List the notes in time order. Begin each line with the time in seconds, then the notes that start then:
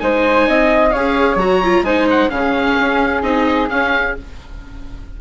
0.00 G#3 D#4 C5 G#5
0.48 C4 D#5
0.90 C#4 G#4 C#5 F5
1.36 F#3 F#4 A#5
1.64 F4
1.82 G#3 D#4 C5 G#5
2.10 F#5
2.30 C#3 C#4 F5
2.36 G#4
2.80 C#4
3.23 C4 D#4 D#5
3.70 C#4 F5